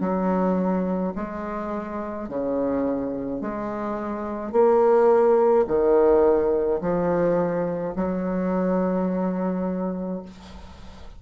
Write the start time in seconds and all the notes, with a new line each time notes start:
0.00 F#3
1.15 G#3
2.28 C#3
3.41 G#3
4.52 A#3
5.67 D#3
6.81 F3
7.96 F#3